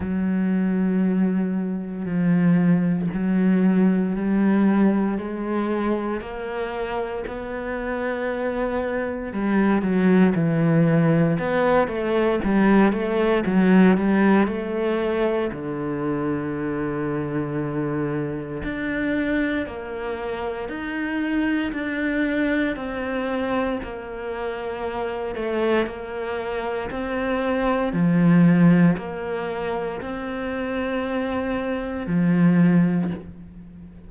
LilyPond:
\new Staff \with { instrumentName = "cello" } { \time 4/4 \tempo 4 = 58 fis2 f4 fis4 | g4 gis4 ais4 b4~ | b4 g8 fis8 e4 b8 a8 | g8 a8 fis8 g8 a4 d4~ |
d2 d'4 ais4 | dis'4 d'4 c'4 ais4~ | ais8 a8 ais4 c'4 f4 | ais4 c'2 f4 | }